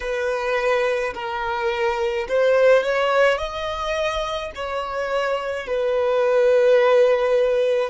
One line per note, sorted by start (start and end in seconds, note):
0.00 1.13 B4
1.14 2.27 A#4
2.28 2.83 C5
2.83 3.38 C#5
3.38 4.51 D#5
4.55 5.66 C#5
5.66 7.89 B4